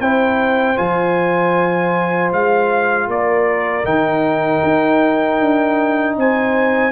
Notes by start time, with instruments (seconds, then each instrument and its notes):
0.00 tuba C4, trombone E4, horn C5, trumpet G5
0.76 tuba F3, trombone F4, trumpet G#5
2.32 tuba G#3, trumpet F5
3.07 tuba A#3, trumpet D5
3.14 horn A#4
3.84 tuba D#3, trombone D#4, trumpet G5
4.63 tuba D#4
5.40 tuba D4
6.17 tuba C4, horn C5, trumpet G#5